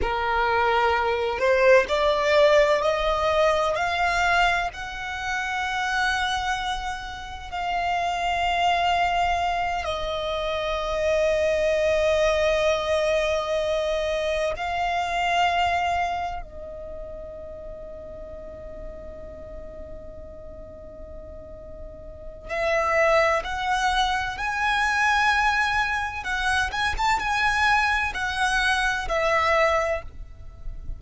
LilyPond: \new Staff \with { instrumentName = "violin" } { \time 4/4 \tempo 4 = 64 ais'4. c''8 d''4 dis''4 | f''4 fis''2. | f''2~ f''8 dis''4.~ | dis''2.~ dis''8 f''8~ |
f''4. dis''2~ dis''8~ | dis''1 | e''4 fis''4 gis''2 | fis''8 gis''16 a''16 gis''4 fis''4 e''4 | }